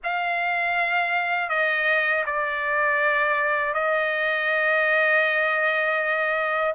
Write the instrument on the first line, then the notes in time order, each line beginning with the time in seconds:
trumpet
0.03 F5
1.49 D#5
2.25 D5
3.74 D#5